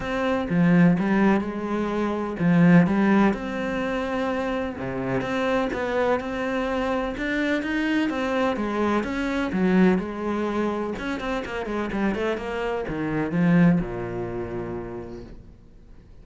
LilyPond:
\new Staff \with { instrumentName = "cello" } { \time 4/4 \tempo 4 = 126 c'4 f4 g4 gis4~ | gis4 f4 g4 c'4~ | c'2 c4 c'4 | b4 c'2 d'4 |
dis'4 c'4 gis4 cis'4 | fis4 gis2 cis'8 c'8 | ais8 gis8 g8 a8 ais4 dis4 | f4 ais,2. | }